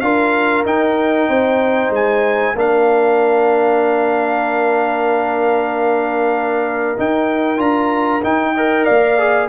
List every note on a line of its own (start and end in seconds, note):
0.00 0.64 D4
0.00 0.65 F4
0.00 1.29 A#4
0.00 0.63 F5
0.65 1.28 D#4
0.65 2.55 D#4
0.65 1.93 G5
1.28 1.90 C4
1.28 2.55 C5
1.90 2.53 G#3
1.90 2.58 G#5
2.54 6.97 A#3
2.54 6.97 D4
2.54 8.54 A#4
2.54 6.99 F5
6.97 7.57 D#4
6.97 7.58 D#4
6.97 7.60 G5
7.57 8.21 D4
7.57 8.20 F4
7.57 8.23 A#5
8.23 8.55 D#4
8.23 8.86 D#4
8.23 8.85 G5
8.54 9.18 A#4
8.54 8.85 D#5
8.85 9.48 A#3
8.85 9.48 D5
8.85 9.48 F5
9.18 9.48 G#4